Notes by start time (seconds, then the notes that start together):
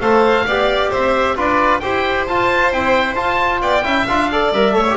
0.00 A3 A4 C5 F5
0.46 B3 G4 D5
0.90 C4 C5 E5
1.36 D4 F4 B4 D5
1.80 E4 G4 C5 G5
2.28 F4 A5
2.73 C4 E4 G5
3.15 F4 A5
3.61 B3 D5 G5
3.83 C#4 E4 E5
4.07 D4 F4 F5
4.32 A4 D5
4.52 G3 A#4 E5
4.73 A3 A4 C#5
4.90 G4